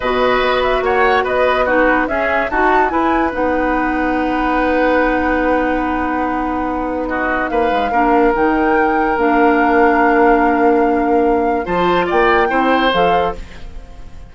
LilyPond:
<<
  \new Staff \with { instrumentName = "flute" } { \time 4/4 \tempo 4 = 144 dis''4. e''8 fis''4 dis''4 | b'4 e''4 a''4 gis''4 | fis''1~ | fis''1~ |
fis''4 dis''4 f''2 | g''2 f''2~ | f''1 | a''4 g''2 f''4 | }
  \new Staff \with { instrumentName = "oboe" } { \time 4/4 b'2 cis''4 b'4 | fis'4 gis'4 fis'4 b'4~ | b'1~ | b'1~ |
b'4 fis'4 b'4 ais'4~ | ais'1~ | ais'1 | c''4 d''4 c''2 | }
  \new Staff \with { instrumentName = "clarinet" } { \time 4/4 fis'1 | dis'4 cis'4 fis'4 e'4 | dis'1~ | dis'1~ |
dis'2. d'4 | dis'2 d'2~ | d'1 | f'2 e'4 a'4 | }
  \new Staff \with { instrumentName = "bassoon" } { \time 4/4 b,4 b4 ais4 b4~ | b4 cis'4 dis'4 e'4 | b1~ | b1~ |
b2 ais8 gis8 ais4 | dis2 ais2~ | ais1 | f4 ais4 c'4 f4 | }
>>